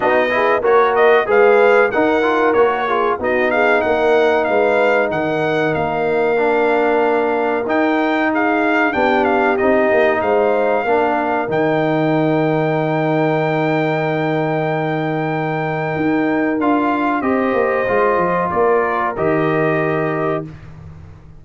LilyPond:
<<
  \new Staff \with { instrumentName = "trumpet" } { \time 4/4 \tempo 4 = 94 dis''4 cis''8 dis''8 f''4 fis''4 | cis''4 dis''8 f''8 fis''4 f''4 | fis''4 f''2. | g''4 f''4 g''8 f''8 dis''4 |
f''2 g''2~ | g''1~ | g''2 f''4 dis''4~ | dis''4 d''4 dis''2 | }
  \new Staff \with { instrumentName = "horn" } { \time 4/4 fis'8 gis'8 ais'4 b'4 ais'4~ | ais'8 gis'8 fis'8 gis'8 ais'4 b'4 | ais'1~ | ais'4 gis'4 g'2 |
c''4 ais'2.~ | ais'1~ | ais'2. c''4~ | c''4 ais'2. | }
  \new Staff \with { instrumentName = "trombone" } { \time 4/4 dis'8 e'8 fis'4 gis'4 dis'8 f'8 | fis'8 f'8 dis'2.~ | dis'2 d'2 | dis'2 d'4 dis'4~ |
dis'4 d'4 dis'2~ | dis'1~ | dis'2 f'4 g'4 | f'2 g'2 | }
  \new Staff \with { instrumentName = "tuba" } { \time 4/4 b4 ais4 gis4 dis'4 | ais4 b4 ais4 gis4 | dis4 ais2. | dis'2 b4 c'8 ais8 |
gis4 ais4 dis2~ | dis1~ | dis4 dis'4 d'4 c'8 ais8 | gis8 f8 ais4 dis2 | }
>>